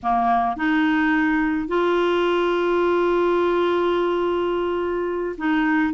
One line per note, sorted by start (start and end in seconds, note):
0.03 0.56 A#3
0.56 1.68 D#4
1.68 5.36 F4
5.37 5.93 D#4